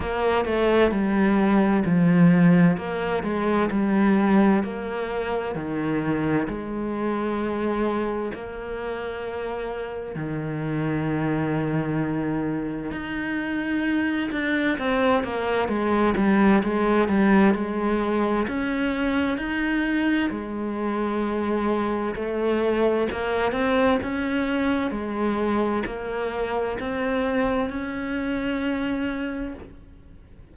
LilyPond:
\new Staff \with { instrumentName = "cello" } { \time 4/4 \tempo 4 = 65 ais8 a8 g4 f4 ais8 gis8 | g4 ais4 dis4 gis4~ | gis4 ais2 dis4~ | dis2 dis'4. d'8 |
c'8 ais8 gis8 g8 gis8 g8 gis4 | cis'4 dis'4 gis2 | a4 ais8 c'8 cis'4 gis4 | ais4 c'4 cis'2 | }